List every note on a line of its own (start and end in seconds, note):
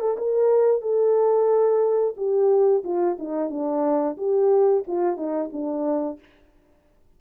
0.00 0.17 A4
0.18 0.82 A#4
0.82 2.15 A4
2.16 2.83 G4
2.84 3.17 F4
3.18 3.50 D#4
3.50 4.17 D4
4.17 4.84 G4
4.87 5.16 F4
5.16 5.50 D#4
5.52 6.19 D4